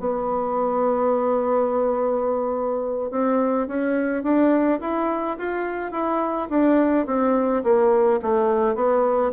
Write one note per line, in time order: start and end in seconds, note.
0.00 3.11 B3
3.11 3.68 C4
3.68 4.24 C#4
4.24 4.80 D4
4.81 5.38 E4
5.39 5.92 F4
5.92 6.49 E4
6.50 7.07 D4
7.07 7.64 C4
7.64 8.20 A#3
8.23 8.76 A3
8.76 9.32 B3